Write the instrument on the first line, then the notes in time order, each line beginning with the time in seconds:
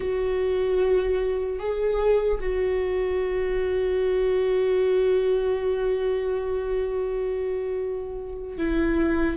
viola
0.00 F#4
1.59 G#4
2.40 F#4
8.57 E4